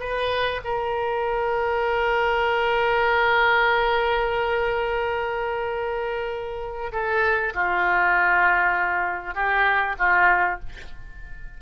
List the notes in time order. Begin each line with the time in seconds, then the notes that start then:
0.00 B4
0.64 A#4
6.92 A4
7.54 F4
9.35 G4
9.99 F4